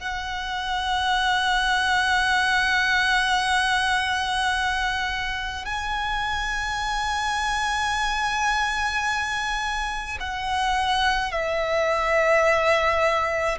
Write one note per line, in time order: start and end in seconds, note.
0.00 5.65 F#5
5.65 10.18 G#5
10.20 11.32 F#5
11.32 13.58 E5